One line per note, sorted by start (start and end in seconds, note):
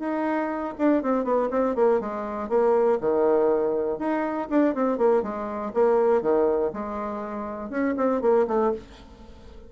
0.00 0.74 D#4
0.79 1.03 D4
1.03 1.25 C4
1.25 1.49 B3
1.51 1.76 C4
1.76 2.01 A#3
2.01 2.50 G#3
2.50 2.99 A#3
3.01 3.99 D#3
3.99 4.49 D#4
4.50 4.75 D4
4.75 4.98 C4
4.98 5.23 A#3
5.23 5.72 G#3
5.74 6.22 A#3
6.22 6.72 D#3
6.74 7.70 G#3
7.70 7.95 C#4
7.97 8.22 C4
8.22 8.47 A#3
8.48 8.73 A3